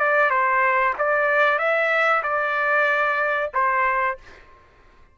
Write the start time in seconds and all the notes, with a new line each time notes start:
0.00 D5
0.30 C5
0.99 D5
1.59 E5
2.23 D5
3.54 C5